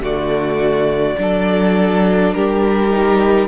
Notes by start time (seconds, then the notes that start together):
0.00 D3 A3 F#4 D5
1.17 F#3 D4 A4
2.33 G3 G4 A#4
2.90 D#4